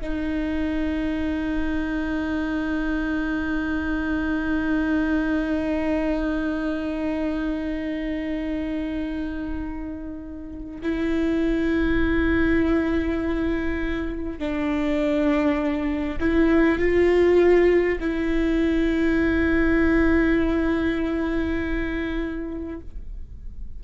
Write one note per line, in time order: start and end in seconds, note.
0.00 10.80 D#4
10.82 14.38 E4
14.38 16.18 D4
16.20 16.78 E4
16.78 17.98 F4
17.99 22.79 E4